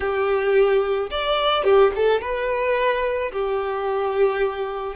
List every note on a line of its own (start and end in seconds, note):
0.00 1.09 G4
1.10 1.64 D5
1.64 1.91 G4
1.95 2.21 A4
2.21 3.31 B4
3.32 4.95 G4